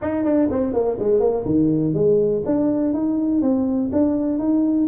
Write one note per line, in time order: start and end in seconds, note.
0.01 0.24 D#4
0.24 0.49 D4
0.50 0.73 C4
0.73 0.97 A#3
0.99 1.20 G#3
1.20 1.44 A#3
1.45 1.94 D#3
1.94 2.43 G#3
2.45 2.93 D4
2.93 3.41 D#4
3.41 3.90 C4
3.92 4.39 D4
4.39 4.87 D#4